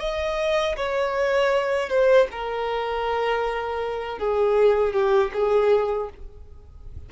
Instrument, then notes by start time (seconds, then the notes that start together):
violin
0.00 D#5
0.77 C#5
1.90 C5
2.32 A#4
4.19 G#4
4.93 G4
5.34 G#4